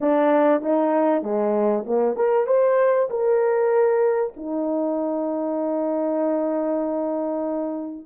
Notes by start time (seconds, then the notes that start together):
0.00 D4
0.61 D#4
1.22 G#3
1.86 A#3
2.16 A#4
2.47 C5
3.10 A#4
4.36 D#4